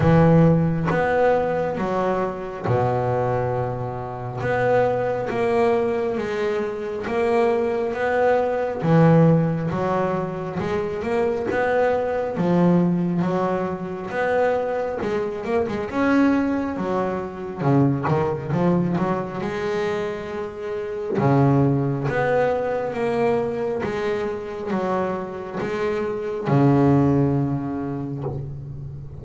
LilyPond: \new Staff \with { instrumentName = "double bass" } { \time 4/4 \tempo 4 = 68 e4 b4 fis4 b,4~ | b,4 b4 ais4 gis4 | ais4 b4 e4 fis4 | gis8 ais8 b4 f4 fis4 |
b4 gis8 ais16 gis16 cis'4 fis4 | cis8 dis8 f8 fis8 gis2 | cis4 b4 ais4 gis4 | fis4 gis4 cis2 | }